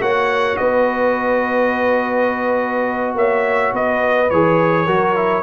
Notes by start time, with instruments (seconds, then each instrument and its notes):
0.00 tuba A#3, trombone F#4, horn C#5, trumpet F#5
0.56 tuba B3, horn B4, trumpet D#5
3.15 tuba A#3, horn C#5, trumpet E5
3.73 tuba B3, horn B4, trumpet D#5
4.30 tuba E3, trombone G#4, trumpet C#5
4.85 tuba F#3, trombone F#4, horn A#4
5.15 trombone E4